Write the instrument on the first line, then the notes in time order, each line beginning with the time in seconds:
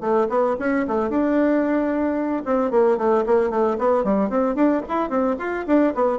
bassoon
0.00 A3
0.29 B3
0.59 C#4
0.87 A3
1.09 D4
2.45 C4
2.70 A#3
2.97 A3
3.26 A#3
3.50 A3
3.78 B3
4.04 G3
4.29 C4
4.55 D4
4.88 E4
5.09 C4
5.38 F4
5.66 D4
5.94 B3